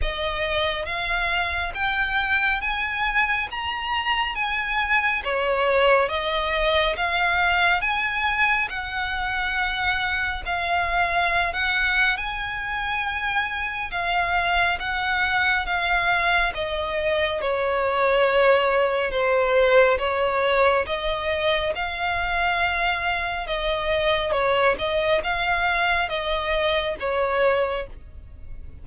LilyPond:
\new Staff \with { instrumentName = "violin" } { \time 4/4 \tempo 4 = 69 dis''4 f''4 g''4 gis''4 | ais''4 gis''4 cis''4 dis''4 | f''4 gis''4 fis''2 | f''4~ f''16 fis''8. gis''2 |
f''4 fis''4 f''4 dis''4 | cis''2 c''4 cis''4 | dis''4 f''2 dis''4 | cis''8 dis''8 f''4 dis''4 cis''4 | }